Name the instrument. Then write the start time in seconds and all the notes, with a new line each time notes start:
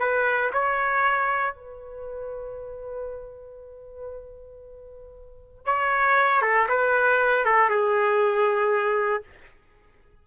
trumpet
0.00 B4
0.53 C#5
1.56 B4
5.66 C#5
6.42 A4
6.69 B4
7.45 A4
7.70 G#4